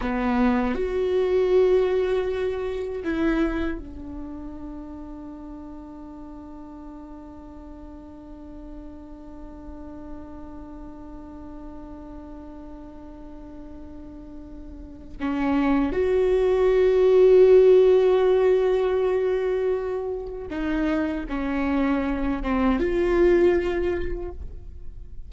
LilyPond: \new Staff \with { instrumentName = "viola" } { \time 4/4 \tempo 4 = 79 b4 fis'2. | e'4 d'2.~ | d'1~ | d'1~ |
d'1 | cis'4 fis'2.~ | fis'2. dis'4 | cis'4. c'8 f'2 | }